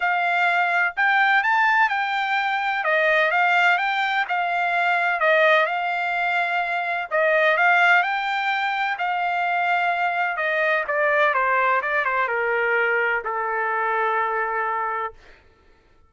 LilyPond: \new Staff \with { instrumentName = "trumpet" } { \time 4/4 \tempo 4 = 127 f''2 g''4 a''4 | g''2 dis''4 f''4 | g''4 f''2 dis''4 | f''2. dis''4 |
f''4 g''2 f''4~ | f''2 dis''4 d''4 | c''4 d''8 c''8 ais'2 | a'1 | }